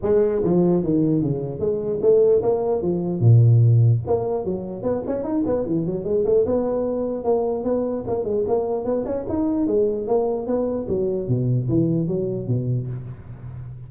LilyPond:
\new Staff \with { instrumentName = "tuba" } { \time 4/4 \tempo 4 = 149 gis4 f4 dis4 cis4 | gis4 a4 ais4 f4 | ais,2 ais4 fis4 | b8 cis'8 dis'8 b8 e8 fis8 gis8 a8 |
b2 ais4 b4 | ais8 gis8 ais4 b8 cis'8 dis'4 | gis4 ais4 b4 fis4 | b,4 e4 fis4 b,4 | }